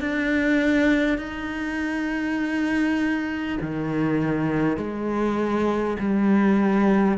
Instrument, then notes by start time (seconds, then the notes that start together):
cello
0.00 D4
1.18 D#4
3.61 D#3
4.77 G#3
5.99 G3